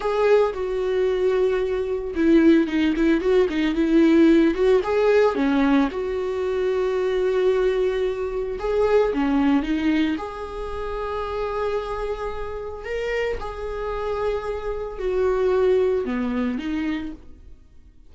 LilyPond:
\new Staff \with { instrumentName = "viola" } { \time 4/4 \tempo 4 = 112 gis'4 fis'2. | e'4 dis'8 e'8 fis'8 dis'8 e'4~ | e'8 fis'8 gis'4 cis'4 fis'4~ | fis'1 |
gis'4 cis'4 dis'4 gis'4~ | gis'1 | ais'4 gis'2. | fis'2 b4 dis'4 | }